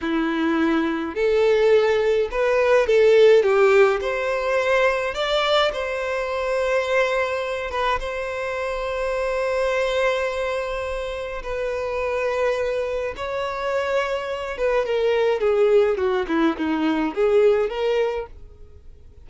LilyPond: \new Staff \with { instrumentName = "violin" } { \time 4/4 \tempo 4 = 105 e'2 a'2 | b'4 a'4 g'4 c''4~ | c''4 d''4 c''2~ | c''4. b'8 c''2~ |
c''1 | b'2. cis''4~ | cis''4. b'8 ais'4 gis'4 | fis'8 e'8 dis'4 gis'4 ais'4 | }